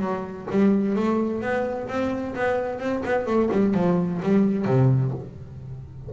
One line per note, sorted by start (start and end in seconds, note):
0.00 0.47 F#3
0.51 0.96 G3
0.96 1.42 A3
1.42 1.88 B3
1.88 2.35 C4
2.35 2.79 B3
2.79 3.03 C4
3.05 3.26 B3
3.26 3.50 A3
3.52 3.74 G3
3.74 4.21 F3
4.23 4.66 G3
4.66 5.12 C3